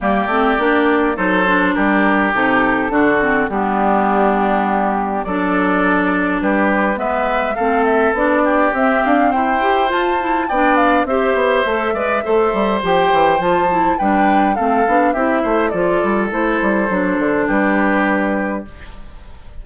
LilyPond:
<<
  \new Staff \with { instrumentName = "flute" } { \time 4/4 \tempo 4 = 103 d''2 c''4 ais'4 | a'2 g'2~ | g'4 d''2 b'4 | e''4 f''8 e''8 d''4 e''8 f''8 |
g''4 a''4 g''8 f''8 e''4~ | e''2 g''4 a''4 | g''4 f''4 e''4 d''4 | c''2 b'2 | }
  \new Staff \with { instrumentName = "oboe" } { \time 4/4 g'2 a'4 g'4~ | g'4 fis'4 d'2~ | d'4 a'2 g'4 | b'4 a'4. g'4. |
c''2 d''4 c''4~ | c''8 d''8 c''2. | b'4 a'4 g'8 c''8 a'4~ | a'2 g'2 | }
  \new Staff \with { instrumentName = "clarinet" } { \time 4/4 ais8 c'8 d'4 dis'8 d'4. | dis'4 d'8 c'8 b2~ | b4 d'2. | b4 c'4 d'4 c'4~ |
c'8 g'8 f'8 e'8 d'4 g'4 | a'8 b'8 a'4 g'4 f'8 e'8 | d'4 c'8 d'8 e'4 f'4 | e'4 d'2. | }
  \new Staff \with { instrumentName = "bassoon" } { \time 4/4 g8 a8 ais4 fis4 g4 | c4 d4 g2~ | g4 fis2 g4 | gis4 a4 b4 c'8 d'8 |
e'4 f'4 b4 c'8 b8 | a8 gis8 a8 g8 f8 e8 f4 | g4 a8 b8 c'8 a8 f8 g8 | a8 g8 fis8 d8 g2 | }
>>